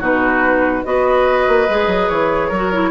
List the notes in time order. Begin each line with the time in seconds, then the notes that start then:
0.00 B2 D#4 F#4 B4
0.85 B3 F#4 B4 D#5
1.48 A#3
1.70 G#3 G#4
1.87 F#3
2.09 E3 C#5
2.49 F#3 A#4
2.56 F#4
2.74 E4